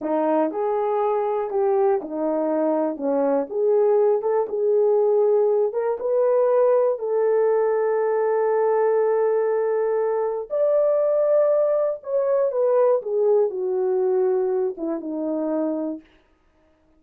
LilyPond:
\new Staff \with { instrumentName = "horn" } { \time 4/4 \tempo 4 = 120 dis'4 gis'2 g'4 | dis'2 cis'4 gis'4~ | gis'8 a'8 gis'2~ gis'8 ais'8 | b'2 a'2~ |
a'1~ | a'4 d''2. | cis''4 b'4 gis'4 fis'4~ | fis'4. e'8 dis'2 | }